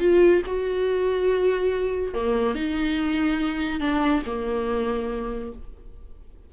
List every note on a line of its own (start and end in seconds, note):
0.00 0.42 F4
0.46 2.14 F#4
2.14 2.55 A#3
2.55 3.80 D#4
3.80 4.23 D4
4.26 5.53 A#3